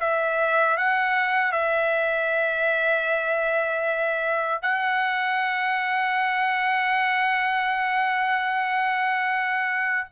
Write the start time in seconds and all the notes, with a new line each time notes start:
0.00 E5
0.77 F#5
1.52 E5
4.62 F#5